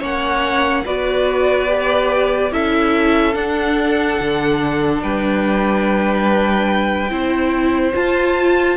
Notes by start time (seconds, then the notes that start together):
0.00 A#3 C#4 C#5 F#5
0.85 B3 F#4 B4 D5
1.68 G4
2.52 C#4 E4 A4 E5
3.34 D4 F#5
4.20 D3
5.03 G3 B4 G5
7.10 C4 E4 C5
7.95 F4 A5